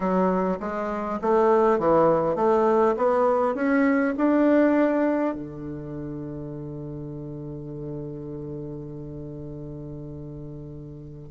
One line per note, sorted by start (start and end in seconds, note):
0.00 0.58 F#3
0.60 1.19 G#3
1.21 1.78 A3
1.78 2.35 E3
2.35 2.95 A3
2.96 3.55 B3
3.55 4.14 C#4
4.17 5.34 D4
5.34 11.28 D3